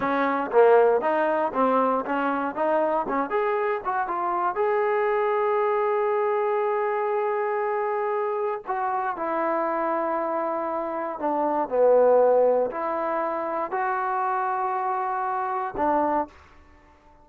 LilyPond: \new Staff \with { instrumentName = "trombone" } { \time 4/4 \tempo 4 = 118 cis'4 ais4 dis'4 c'4 | cis'4 dis'4 cis'8 gis'4 fis'8 | f'4 gis'2.~ | gis'1~ |
gis'4 fis'4 e'2~ | e'2 d'4 b4~ | b4 e'2 fis'4~ | fis'2. d'4 | }